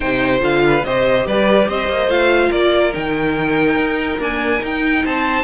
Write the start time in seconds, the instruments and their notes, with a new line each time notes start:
0.00 cello C3, viola D#4, violin C5 G5
0.39 cello D3, viola F4, violin F5
0.66 violin B4
0.84 cello C3, viola G4, violin C5 D#5
1.26 cello G3, violin B4 D5
1.68 cello C4, violin C5 D#5
1.88 cello A#3
2.07 cello A3, viola F4, violin F5
2.49 cello A#3, violin A#4 D5
2.92 cello D#3, viola D#4, violin G5
3.76 cello D#4
4.18 viola A#3, cello D4, violin G#5
4.60 viola D#4, cello D#4, violin G5
5.04 cello C4, violin C5 A5